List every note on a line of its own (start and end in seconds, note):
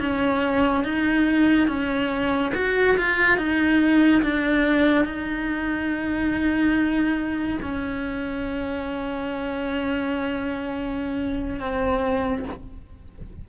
0.00 0.85 C#4
0.85 1.68 D#4
1.68 2.52 C#4
2.55 2.97 F#4
2.98 3.38 F4
3.38 4.22 D#4
4.23 5.05 D4
5.05 7.59 D#4
7.62 11.60 C#4
11.60 12.45 C4